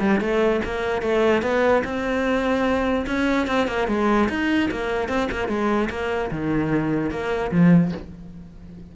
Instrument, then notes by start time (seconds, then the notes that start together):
cello
0.00 G3
0.20 A3
0.64 A#3
1.01 A3
1.42 B3
1.84 C4
3.06 C#4
3.47 C4
3.67 A#3
3.88 G#3
4.29 D#4
4.71 A#3
5.08 C4
5.31 A#3
5.48 G#3
5.90 A#3
6.31 D#3
7.10 A#3
7.51 F3